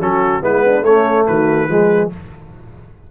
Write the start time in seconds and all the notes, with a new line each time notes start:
0.00 F#3 C#4 F#4 A4
0.41 G#3 B3 E4 B4
0.64 D4
0.81 A3 C#4 C#5
1.27 D#3 F#4 B4
1.68 F3 G#3 G#4